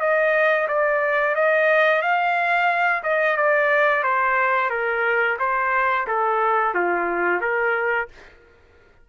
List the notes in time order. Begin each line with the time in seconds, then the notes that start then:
0.00 D#5
0.68 D5
1.35 D#5
2.02 F5
3.03 D#5
3.36 D5
4.03 C5
4.70 A#4
5.39 C5
6.07 A4
6.74 F4
7.41 A#4